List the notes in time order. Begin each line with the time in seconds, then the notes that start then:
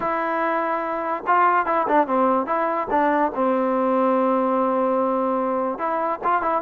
0.00 E4
1.26 F4
1.66 E4
1.88 D4
2.07 C4
2.46 E4
2.90 D4
3.34 C4
5.78 E4
6.24 F4
6.42 E4